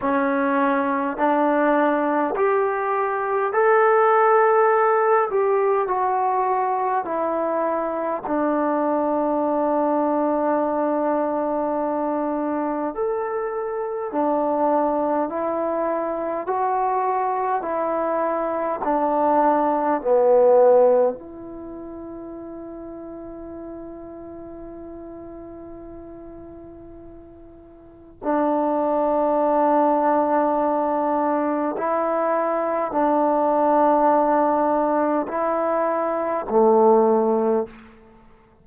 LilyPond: \new Staff \with { instrumentName = "trombone" } { \time 4/4 \tempo 4 = 51 cis'4 d'4 g'4 a'4~ | a'8 g'8 fis'4 e'4 d'4~ | d'2. a'4 | d'4 e'4 fis'4 e'4 |
d'4 b4 e'2~ | e'1 | d'2. e'4 | d'2 e'4 a4 | }